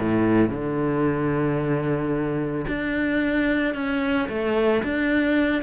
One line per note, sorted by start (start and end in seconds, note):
0.00 0.50 A2
0.50 2.66 D3
2.68 3.75 D4
3.75 4.29 C#4
4.29 4.83 A3
4.84 5.63 D4